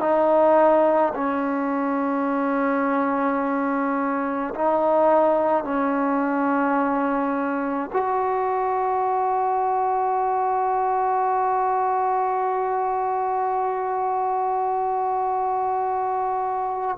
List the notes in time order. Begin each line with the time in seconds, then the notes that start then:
0.00 D#4
1.14 C#4
4.54 D#4
5.63 C#4
7.92 F#4